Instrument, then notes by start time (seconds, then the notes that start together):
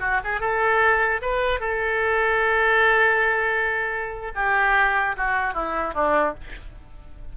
oboe
0.00 F#4
0.24 G#4
0.40 A4
1.22 B4
1.60 A4
4.35 G4
5.17 F#4
5.54 E4
5.94 D4